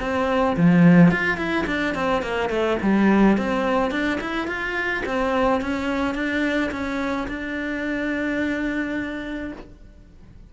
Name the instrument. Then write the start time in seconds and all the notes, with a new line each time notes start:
cello
0.00 C4
0.56 F3
1.11 F4
1.37 E4
1.66 D4
1.94 C4
2.22 A#3
2.49 A3
2.82 G3
3.37 C4
3.91 D4
4.20 E4
4.47 F4
5.05 C4
5.61 C#4
6.14 D4
6.71 C#4
7.27 D4